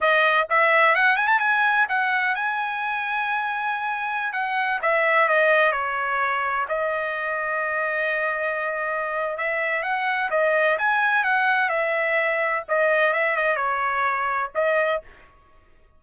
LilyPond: \new Staff \with { instrumentName = "trumpet" } { \time 4/4 \tempo 4 = 128 dis''4 e''4 fis''8 gis''16 a''16 gis''4 | fis''4 gis''2.~ | gis''4~ gis''16 fis''4 e''4 dis''8.~ | dis''16 cis''2 dis''4.~ dis''16~ |
dis''1 | e''4 fis''4 dis''4 gis''4 | fis''4 e''2 dis''4 | e''8 dis''8 cis''2 dis''4 | }